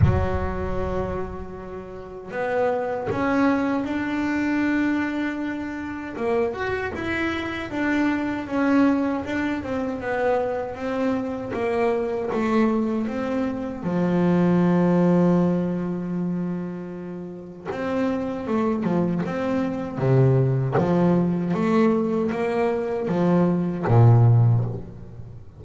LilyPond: \new Staff \with { instrumentName = "double bass" } { \time 4/4 \tempo 4 = 78 fis2. b4 | cis'4 d'2. | ais8 fis'8 e'4 d'4 cis'4 | d'8 c'8 b4 c'4 ais4 |
a4 c'4 f2~ | f2. c'4 | a8 f8 c'4 c4 f4 | a4 ais4 f4 ais,4 | }